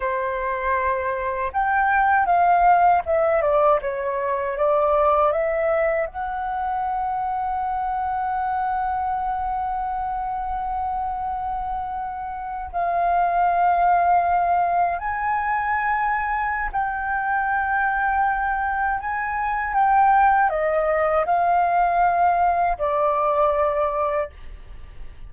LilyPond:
\new Staff \with { instrumentName = "flute" } { \time 4/4 \tempo 4 = 79 c''2 g''4 f''4 | e''8 d''8 cis''4 d''4 e''4 | fis''1~ | fis''1~ |
fis''8. f''2. gis''16~ | gis''2 g''2~ | g''4 gis''4 g''4 dis''4 | f''2 d''2 | }